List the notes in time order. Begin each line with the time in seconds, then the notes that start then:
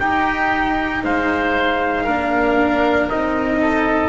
0.00 D#4 G4 G5
1.04 G#3 C5 F5
2.04 A#3 D4 A#4
3.10 C4 D#4 D#5
3.61 A4